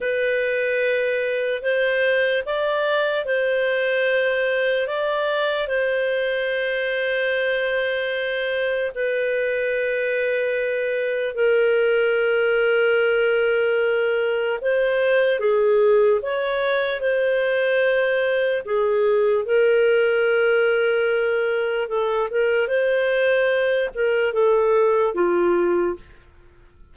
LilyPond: \new Staff \with { instrumentName = "clarinet" } { \time 4/4 \tempo 4 = 74 b'2 c''4 d''4 | c''2 d''4 c''4~ | c''2. b'4~ | b'2 ais'2~ |
ais'2 c''4 gis'4 | cis''4 c''2 gis'4 | ais'2. a'8 ais'8 | c''4. ais'8 a'4 f'4 | }